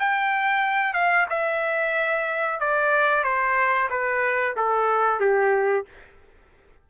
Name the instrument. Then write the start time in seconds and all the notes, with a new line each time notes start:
trumpet
0.00 G5
0.94 F5
1.30 E5
2.60 D5
3.24 C5
3.90 B4
4.57 A4
5.20 G4